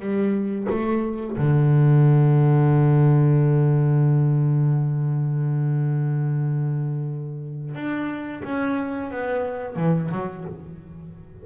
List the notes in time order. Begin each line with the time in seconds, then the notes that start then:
0.00 G3
0.70 A3
1.38 D3
7.75 D4
8.44 C#4
9.11 B3
9.76 E3
10.11 F#3